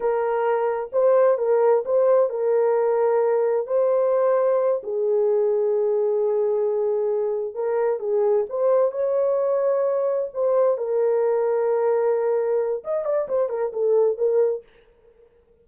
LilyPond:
\new Staff \with { instrumentName = "horn" } { \time 4/4 \tempo 4 = 131 ais'2 c''4 ais'4 | c''4 ais'2. | c''2~ c''8 gis'4.~ | gis'1~ |
gis'8 ais'4 gis'4 c''4 cis''8~ | cis''2~ cis''8 c''4 ais'8~ | ais'1 | dis''8 d''8 c''8 ais'8 a'4 ais'4 | }